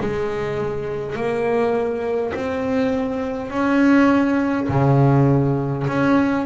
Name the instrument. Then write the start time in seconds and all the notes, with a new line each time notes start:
double bass
0.00 G#3
1.16 A#3
2.34 C4
3.50 C#4
4.68 C#3
5.87 C#4